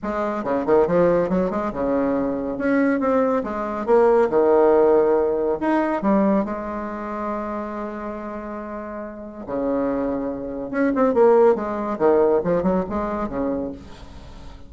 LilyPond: \new Staff \with { instrumentName = "bassoon" } { \time 4/4 \tempo 4 = 140 gis4 cis8 dis8 f4 fis8 gis8 | cis2 cis'4 c'4 | gis4 ais4 dis2~ | dis4 dis'4 g4 gis4~ |
gis1~ | gis2 cis2~ | cis4 cis'8 c'8 ais4 gis4 | dis4 f8 fis8 gis4 cis4 | }